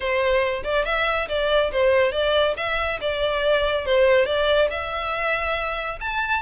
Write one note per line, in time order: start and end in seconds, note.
0.00 0.63 C5
0.63 0.85 D5
0.85 1.28 E5
1.28 1.71 D5
1.71 2.11 C5
2.11 2.54 D5
2.56 2.99 E5
3.00 3.85 D5
3.85 4.25 C5
4.25 4.68 D5
4.70 5.99 E5
6.00 6.42 A5